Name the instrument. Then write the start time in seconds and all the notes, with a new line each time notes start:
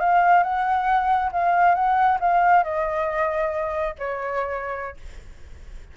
flute
0.00 F5
0.43 F#5
1.32 F5
1.75 F#5
2.20 F5
2.64 D#5
3.99 C#5